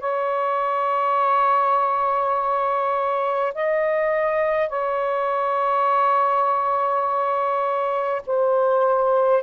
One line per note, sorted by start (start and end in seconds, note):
0.00 3.53 C#5
3.54 4.69 D#5
4.69 8.22 C#5
8.26 9.43 C5